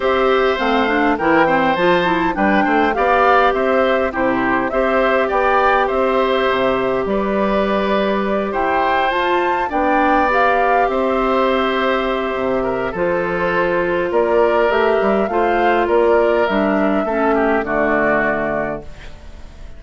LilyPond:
<<
  \new Staff \with { instrumentName = "flute" } { \time 4/4 \tempo 4 = 102 e''4 f''4 g''4 a''4 | g''4 f''4 e''4 c''4 | e''4 g''4 e''2 | d''2~ d''8 g''4 a''8~ |
a''8 g''4 f''4 e''4.~ | e''2 c''2 | d''4 e''4 f''4 d''4 | e''2 d''2 | }
  \new Staff \with { instrumentName = "oboe" } { \time 4/4 c''2 ais'8 c''4. | b'8 c''8 d''4 c''4 g'4 | c''4 d''4 c''2 | b'2~ b'8 c''4.~ |
c''8 d''2 c''4.~ | c''4. ais'8 a'2 | ais'2 c''4 ais'4~ | ais'4 a'8 g'8 fis'2 | }
  \new Staff \with { instrumentName = "clarinet" } { \time 4/4 g'4 c'8 d'8 e'8 c'8 f'8 e'8 | d'4 g'2 e'4 | g'1~ | g'2.~ g'8 f'8~ |
f'8 d'4 g'2~ g'8~ | g'2 f'2~ | f'4 g'4 f'2 | d'4 cis'4 a2 | }
  \new Staff \with { instrumentName = "bassoon" } { \time 4/4 c'4 a4 e4 f4 | g8 a8 b4 c'4 c4 | c'4 b4 c'4 c4 | g2~ g8 e'4 f'8~ |
f'8 b2 c'4.~ | c'4 c4 f2 | ais4 a8 g8 a4 ais4 | g4 a4 d2 | }
>>